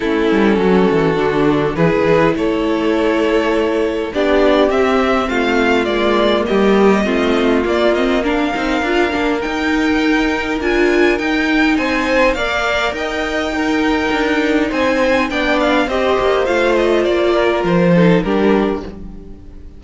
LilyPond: <<
  \new Staff \with { instrumentName = "violin" } { \time 4/4 \tempo 4 = 102 a'2. b'4 | cis''2. d''4 | e''4 f''4 d''4 dis''4~ | dis''4 d''8 dis''8 f''2 |
g''2 gis''4 g''4 | gis''4 f''4 g''2~ | g''4 gis''4 g''8 f''8 dis''4 | f''8 dis''8 d''4 c''4 ais'4 | }
  \new Staff \with { instrumentName = "violin" } { \time 4/4 e'4 fis'2 gis'4 | a'2. g'4~ | g'4 f'2 g'4 | f'2 ais'2~ |
ais'1 | c''4 d''4 dis''4 ais'4~ | ais'4 c''4 d''4 c''4~ | c''4. ais'4 a'8 g'4 | }
  \new Staff \with { instrumentName = "viola" } { \time 4/4 cis'2 d'4 e'4~ | e'2. d'4 | c'2 ais2 | c'4 ais8 c'8 d'8 dis'8 f'8 d'8 |
dis'2 f'4 dis'4~ | dis'4 ais'2 dis'4~ | dis'2 d'4 g'4 | f'2~ f'8 dis'8 d'4 | }
  \new Staff \with { instrumentName = "cello" } { \time 4/4 a8 g8 fis8 e8 d4 e16 cis,16 e8 | a2. b4 | c'4 a4 gis4 g4 | a4 ais4. c'8 d'8 ais8 |
dis'2 d'4 dis'4 | c'4 ais4 dis'2 | d'4 c'4 b4 c'8 ais8 | a4 ais4 f4 g4 | }
>>